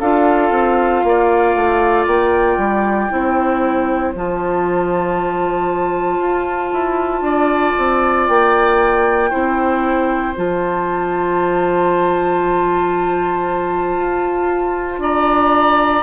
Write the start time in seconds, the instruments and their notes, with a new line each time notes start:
0.00 bassoon D4, clarinet F4, oboe A4, flute F5
0.51 bassoon C4
1.04 bassoon A#3, oboe D5
1.56 bassoon A3
2.07 bassoon A#3, flute G5
2.58 bassoon G3
3.11 bassoon C4, clarinet E4, oboe C5
4.15 bassoon F3, clarinet F4, flute A5
6.19 bassoon F4
6.73 bassoon E4
7.22 bassoon D4, oboe D5
7.78 bassoon C4
8.28 bassoon A#3, flute G5
9.30 bassoon C4, clarinet E4, oboe C5
10.36 bassoon F3, clarinet F4, flute A5
13.97 bassoon F4
14.99 bassoon D4, oboe D5, flute A#5